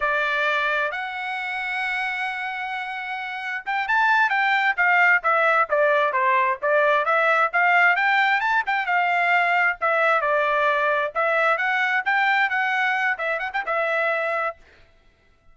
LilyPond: \new Staff \with { instrumentName = "trumpet" } { \time 4/4 \tempo 4 = 132 d''2 fis''2~ | fis''1 | g''8 a''4 g''4 f''4 e''8~ | e''8 d''4 c''4 d''4 e''8~ |
e''8 f''4 g''4 a''8 g''8 f''8~ | f''4. e''4 d''4.~ | d''8 e''4 fis''4 g''4 fis''8~ | fis''4 e''8 fis''16 g''16 e''2 | }